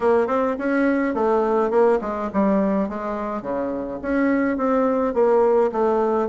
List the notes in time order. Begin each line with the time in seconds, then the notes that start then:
0.00 A#3
0.27 C4
0.58 C#4
1.14 A3
1.70 A#3
2.01 G#3
2.33 G3
2.89 G#3
3.42 C#3
4.02 C#4
4.57 C4
5.14 A#3
5.71 A3